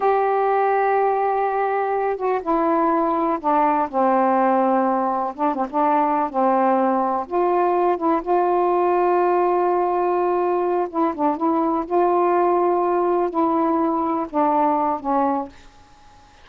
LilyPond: \new Staff \with { instrumentName = "saxophone" } { \time 4/4 \tempo 4 = 124 g'1~ | g'8 fis'8 e'2 d'4 | c'2. d'8 c'16 d'16~ | d'4 c'2 f'4~ |
f'8 e'8 f'2.~ | f'2~ f'8 e'8 d'8 e'8~ | e'8 f'2. e'8~ | e'4. d'4. cis'4 | }